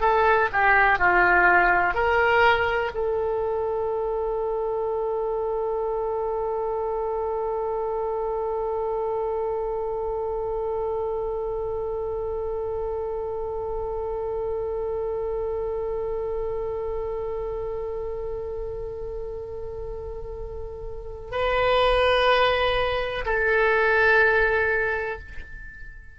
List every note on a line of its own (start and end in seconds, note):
0.00 0.48 A4
0.52 0.99 G4
0.99 1.94 F4
1.94 2.91 A#4
2.94 21.31 A4
21.31 23.25 B4
23.25 25.19 A4